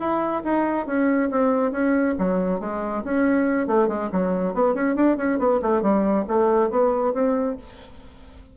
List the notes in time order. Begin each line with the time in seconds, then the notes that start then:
0.00 E4
0.45 D#4
0.87 C#4
1.31 C4
1.72 C#4
2.19 F#3
2.61 G#3
3.05 C#4
3.68 A3
3.88 G#3
4.12 F#3
4.54 B3
4.75 C#4
4.96 D4
5.18 C#4
5.39 B3
5.62 A3
5.82 G3
6.28 A3
6.71 B3
7.14 C4